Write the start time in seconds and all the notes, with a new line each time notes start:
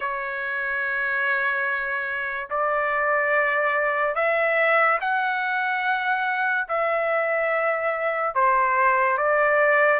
0.00 C#5
2.50 D5
4.15 E5
5.00 F#5
6.68 E5
8.34 C5
9.17 D5